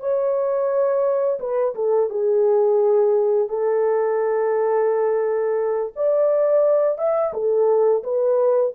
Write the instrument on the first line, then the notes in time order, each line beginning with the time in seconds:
horn
0.00 C#5
1.40 B4
1.75 A4
2.10 G#4
3.49 A4
5.96 D5
6.98 E5
7.33 A4
8.03 B4